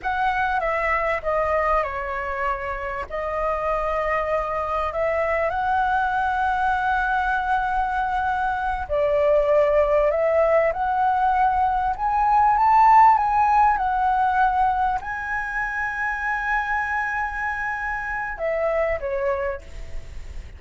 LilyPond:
\new Staff \with { instrumentName = "flute" } { \time 4/4 \tempo 4 = 98 fis''4 e''4 dis''4 cis''4~ | cis''4 dis''2. | e''4 fis''2.~ | fis''2~ fis''8 d''4.~ |
d''8 e''4 fis''2 gis''8~ | gis''8 a''4 gis''4 fis''4.~ | fis''8 gis''2.~ gis''8~ | gis''2 e''4 cis''4 | }